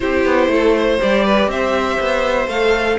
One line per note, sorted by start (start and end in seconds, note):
0.00 0.25 C4
0.00 0.98 E4
0.00 0.50 G4
0.00 0.98 C5
0.25 0.47 B3
0.47 0.97 A3
0.47 0.75 A4
0.75 1.24 C5
0.98 1.47 G3
0.98 2.48 G4
0.98 1.50 D5
1.24 1.49 B4
1.47 1.97 C4
1.47 2.99 C5
1.47 2.48 E5
2.00 2.47 B3
2.47 2.97 A3
2.47 2.99 A4
2.47 2.98 F5